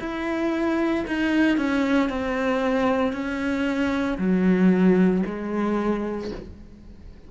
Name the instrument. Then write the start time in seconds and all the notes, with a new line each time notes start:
cello
0.00 E4
1.08 D#4
1.57 C#4
2.10 C4
3.13 C#4
4.19 F#3
5.26 G#3